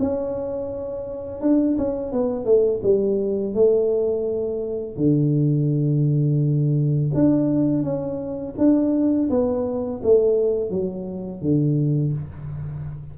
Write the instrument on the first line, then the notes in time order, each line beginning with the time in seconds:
tuba
0.00 C#4
1.41 D4
1.78 C#4
2.13 B3
2.45 A3
2.83 G3
3.55 A3
4.97 D3
7.15 D4
7.83 C#4
8.58 D4
9.30 B3
10.03 A3
10.70 F#3
11.42 D3